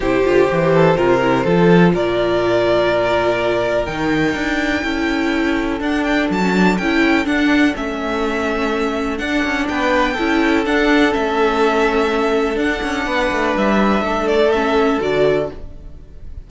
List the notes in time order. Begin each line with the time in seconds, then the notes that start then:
0.00 C3 E4 G4 C5
0.24 D3 F4
0.49 E3 G4
0.74 A4
0.96 C3 F4 A#4
1.21 E4
1.43 F3 F4 A4
1.93 A#2 A#4 D5
3.85 D#3 D#4 G5
4.34 D4
4.83 C#4 E4 A4
5.79 D4 F#5
6.03 G5
6.30 F#3 A5
6.42 C#4
6.54 D4
6.77 C#4 E4 G5
7.24 D4 F#5
7.75 A3 C#4 E5
9.18 D4 F#5
9.44 C#4
9.68 B3 B4 G5
10.13 C#4 E4 A4
10.65 D4 F#5
11.10 A3 C#4 E5
12.54 D4 F#5
12.82 C#4
13.06 B3 B4
13.31 A3
13.57 G3 E5
14.01 A3 A4
14.27 D5
14.51 C#4 E5
15.00 D3 F#4 D5